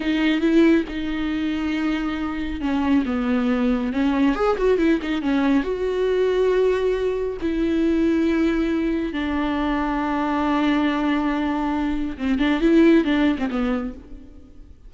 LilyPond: \new Staff \with { instrumentName = "viola" } { \time 4/4 \tempo 4 = 138 dis'4 e'4 dis'2~ | dis'2 cis'4 b4~ | b4 cis'4 gis'8 fis'8 e'8 dis'8 | cis'4 fis'2.~ |
fis'4 e'2.~ | e'4 d'2.~ | d'1 | c'8 d'8 e'4 d'8. c'16 b4 | }